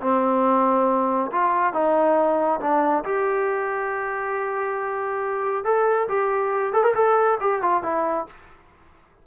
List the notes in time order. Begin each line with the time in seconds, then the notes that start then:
0.00 C4
1.31 F4
1.73 D#4
2.60 D4
3.04 G4
5.64 A4
6.08 G4
6.73 A4
6.83 A#4
6.94 A4
7.40 G4
7.61 F4
7.82 E4